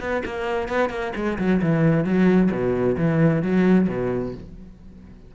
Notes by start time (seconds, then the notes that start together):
0.00 B3
0.25 A#3
0.68 B3
0.90 A#3
1.15 G#3
1.39 F#3
1.62 E3
2.05 F#3
2.51 B2
2.98 E3
3.43 F#3
3.89 B2